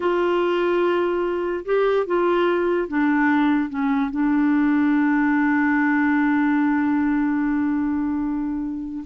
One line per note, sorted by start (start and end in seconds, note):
0.00 1.64 F4
1.65 2.06 G4
2.06 2.88 F4
2.88 3.69 D4
3.69 4.10 C#4
4.10 9.03 D4